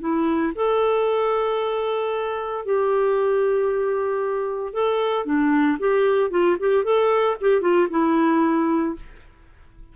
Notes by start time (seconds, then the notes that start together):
0.00 E4
0.55 A4
2.65 G4
4.73 A4
5.25 D4
5.79 G4
6.31 F4
6.60 G4
6.84 A4
7.41 G4
7.61 F4
7.90 E4